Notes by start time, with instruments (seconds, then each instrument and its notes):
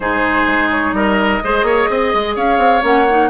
0.00 bassoon G#2, clarinet D#4, oboe G#4, flute C5
0.46 bassoon G#3
0.70 flute C#5
0.92 bassoon G3, oboe A#4, flute D#5
1.43 bassoon G#3, clarinet G#4, oboe C5
1.62 bassoon A#3, oboe C#5
1.89 bassoon C4, oboe D#5
2.14 bassoon G#3
2.35 bassoon C#4, oboe C#5, flute F5
2.57 bassoon C4
2.82 bassoon A#3, clarinet C#4, flute F#5
3.09 clarinet D#4